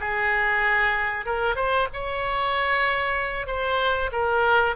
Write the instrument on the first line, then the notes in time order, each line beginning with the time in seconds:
oboe
0.00 G#4
1.26 A#4
1.56 C5
1.93 C#5
3.47 C5
4.12 A#4